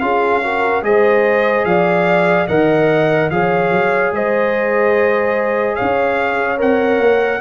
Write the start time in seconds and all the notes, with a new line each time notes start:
0.00 C#4 F4 G#4 F5
0.42 F#4 A#4
0.82 G#3 G#4 C5 D#5
1.65 F3 D5 F5
2.47 D#3 A#4 D#5 F#5
3.30 F3 G#4 C#5 F5
3.70 F#3
4.11 G#3 C5 D#5
5.75 C#4 C#5 F5
6.57 C4 A#4 F#5
6.98 A#3